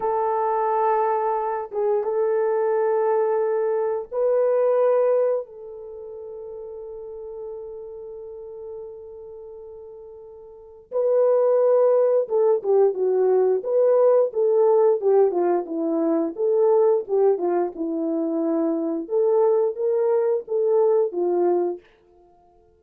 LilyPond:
\new Staff \with { instrumentName = "horn" } { \time 4/4 \tempo 4 = 88 a'2~ a'8 gis'8 a'4~ | a'2 b'2 | a'1~ | a'1 |
b'2 a'8 g'8 fis'4 | b'4 a'4 g'8 f'8 e'4 | a'4 g'8 f'8 e'2 | a'4 ais'4 a'4 f'4 | }